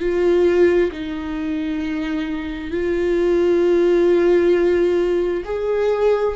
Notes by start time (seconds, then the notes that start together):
0.00 F4
0.93 D#4
2.71 F4
5.45 G#4